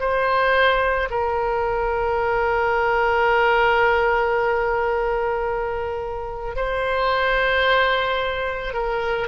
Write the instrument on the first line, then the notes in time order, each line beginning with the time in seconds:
oboe
0.00 C5
1.11 A#4
6.56 C5
8.74 A#4